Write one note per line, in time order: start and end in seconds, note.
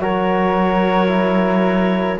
0.00 2.18 F#3
0.00 1.08 F#4
0.00 2.20 A#4
0.00 2.20 C#5
1.08 2.17 E4